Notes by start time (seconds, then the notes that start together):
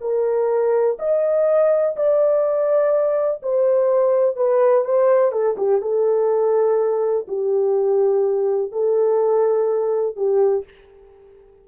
0.00 A#4
0.99 D#5
1.96 D5
3.42 C5
4.36 B4
4.84 C5
5.31 A4
5.57 G4
5.81 A4
7.27 G4
8.71 A4
10.16 G4